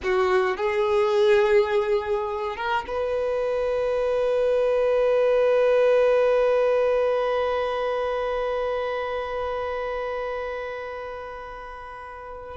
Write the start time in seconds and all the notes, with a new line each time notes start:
0.03 F#4
0.56 G#4
2.56 A#4
2.87 B4